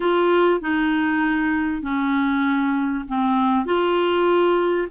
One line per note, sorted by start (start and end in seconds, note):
0.00 0.60 F4
0.60 1.82 D#4
1.82 3.04 C#4
3.08 3.65 C4
3.65 4.88 F4